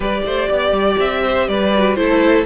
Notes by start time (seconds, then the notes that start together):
0.00 G3 G4 B4 D5
0.25 A3 C5
0.48 B3 D5
0.71 G3
0.98 C4 E5
1.23 C5
1.48 G3 B4 D5
1.74 F#4
1.94 A3 E4 A4 C5